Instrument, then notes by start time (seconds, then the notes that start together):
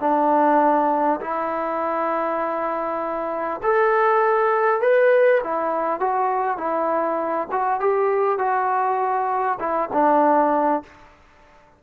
trombone
0.00 D4
1.21 E4
3.63 A4
4.81 B4
5.43 E4
6.00 F#4
6.58 E4
7.51 F#4
7.80 G4
8.38 F#4
9.59 E4
9.92 D4